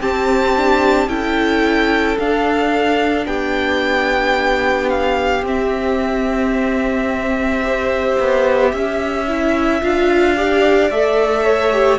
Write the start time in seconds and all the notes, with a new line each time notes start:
0.00 C4 G4 A5
0.56 D4
1.07 C#4 E4 A4 G5
2.18 D4 F5
3.25 B3 G4 G5
4.89 F5
5.42 C4 E5
7.63 G4 C5
8.19 B3
8.70 C#4 E5
9.27 E4
9.81 D4 F4 F5
10.36 G4 D5
10.90 A3 A4 E5
11.44 C#5
11.72 G4